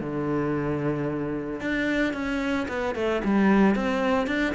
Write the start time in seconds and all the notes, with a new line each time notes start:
0.00 D3
1.60 D4
2.13 C#4
2.68 B3
2.95 A3
3.24 G3
3.75 C4
4.27 D4